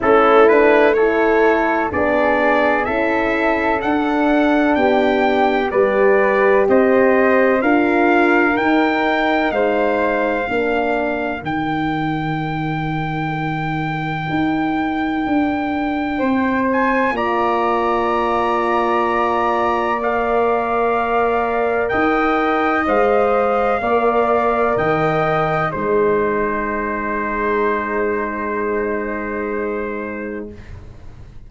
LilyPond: <<
  \new Staff \with { instrumentName = "trumpet" } { \time 4/4 \tempo 4 = 63 a'8 b'8 cis''4 d''4 e''4 | fis''4 g''4 d''4 dis''4 | f''4 g''4 f''2 | g''1~ |
g''4. gis''8 ais''2~ | ais''4 f''2 g''4 | f''2 g''4 c''4~ | c''1 | }
  \new Staff \with { instrumentName = "flute" } { \time 4/4 e'4 a'4 gis'4 a'4~ | a'4 g'4 b'4 c''4 | ais'2 c''4 ais'4~ | ais'1~ |
ais'4 c''4 d''2~ | d''2. dis''4~ | dis''4 d''4 dis''4 dis'4~ | dis'1 | }
  \new Staff \with { instrumentName = "horn" } { \time 4/4 cis'8 d'8 e'4 d'4 e'4 | d'2 g'2 | f'4 dis'2 d'4 | dis'1~ |
dis'2 f'2~ | f'4 ais'2. | c''4 ais'2 gis'4~ | gis'1 | }
  \new Staff \with { instrumentName = "tuba" } { \time 4/4 a2 b4 cis'4 | d'4 b4 g4 c'4 | d'4 dis'4 gis4 ais4 | dis2. dis'4 |
d'4 c'4 ais2~ | ais2. dis'4 | gis4 ais4 dis4 gis4~ | gis1 | }
>>